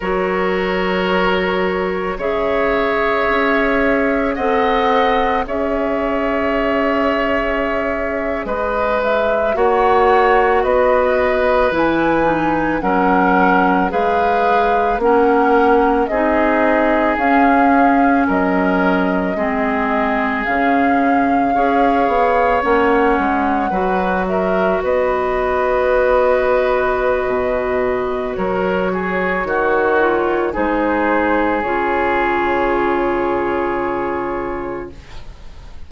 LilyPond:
<<
  \new Staff \with { instrumentName = "flute" } { \time 4/4 \tempo 4 = 55 cis''2 e''2 | fis''4 e''2~ e''8. dis''16~ | dis''16 e''8 fis''4 dis''4 gis''4 fis''16~ | fis''8. f''4 fis''4 dis''4 f''16~ |
f''8. dis''2 f''4~ f''16~ | f''8. fis''4. e''8 dis''4~ dis''16~ | dis''2 cis''2 | c''4 cis''2. | }
  \new Staff \with { instrumentName = "oboe" } { \time 4/4 ais'2 cis''2 | dis''4 cis''2~ cis''8. b'16~ | b'8. cis''4 b'2 ais'16~ | ais'8. b'4 ais'4 gis'4~ gis'16~ |
gis'8. ais'4 gis'2 cis''16~ | cis''4.~ cis''16 b'8 ais'8 b'4~ b'16~ | b'2 ais'8 gis'8 fis'4 | gis'1 | }
  \new Staff \with { instrumentName = "clarinet" } { \time 4/4 fis'2 gis'2 | a'4 gis'2.~ | gis'8. fis'2 e'8 dis'8 cis'16~ | cis'8. gis'4 cis'4 dis'4 cis'16~ |
cis'4.~ cis'16 c'4 cis'4 gis'16~ | gis'8. cis'4 fis'2~ fis'16~ | fis'2.~ fis'8 f'8 | dis'4 f'2. | }
  \new Staff \with { instrumentName = "bassoon" } { \time 4/4 fis2 cis4 cis'4 | c'4 cis'2~ cis'8. gis16~ | gis8. ais4 b4 e4 fis16~ | fis8. gis4 ais4 c'4 cis'16~ |
cis'8. fis4 gis4 cis4 cis'16~ | cis'16 b8 ais8 gis8 fis4 b4~ b16~ | b4 b,4 fis4 dis4 | gis4 cis2. | }
>>